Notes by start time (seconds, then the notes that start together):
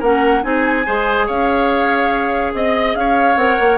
0.00 A#3 C#4 A#4 F#5
0.42 C4 D#4 G#4 G#5
0.86 G#3 G#4 C5
1.27 C#4 C#5 F5
2.54 C4 D#5
2.96 C#4 C#5 F5
3.36 C4 A#4 F#5
3.60 A#3